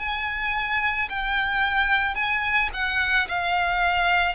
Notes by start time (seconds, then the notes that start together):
0.00 G#5
1.10 G5
2.16 G#5
2.74 F#5
3.29 F5